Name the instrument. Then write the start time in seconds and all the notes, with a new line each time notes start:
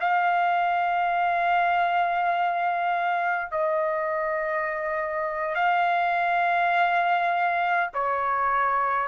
trumpet
0.00 F5
3.51 D#5
5.55 F5
7.94 C#5